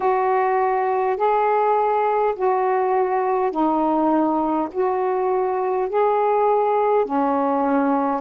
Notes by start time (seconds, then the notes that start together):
0.00 F#4
1.17 G#4
2.35 F#4
3.51 D#4
4.71 F#4
5.89 G#4
7.05 C#4